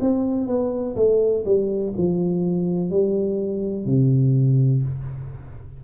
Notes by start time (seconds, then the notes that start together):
0.00 C4
0.47 B3
0.95 A3
1.45 G3
1.97 F3
2.90 G3
3.85 C3